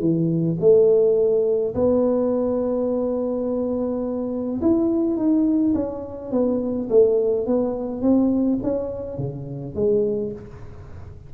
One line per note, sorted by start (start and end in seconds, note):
0.00 0.57 E3
0.60 1.75 A3
1.75 4.61 B3
4.62 5.17 E4
5.17 5.74 D#4
5.75 6.32 C#4
6.32 6.89 B3
6.90 7.47 A3
7.47 8.02 B3
8.02 8.59 C4
8.63 9.18 C#4
9.18 9.75 C#3
9.75 10.32 G#3